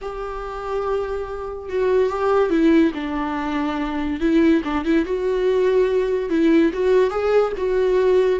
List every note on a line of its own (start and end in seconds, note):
0.01 1.69 G4
1.69 2.09 F#4
2.09 2.50 G4
2.50 2.92 E4
2.94 4.20 D4
4.20 4.62 E4
4.64 4.84 D4
4.84 5.05 E4
5.05 6.29 F#4
6.29 6.71 E4
6.73 7.10 F#4
7.10 7.52 G#4
7.57 8.39 F#4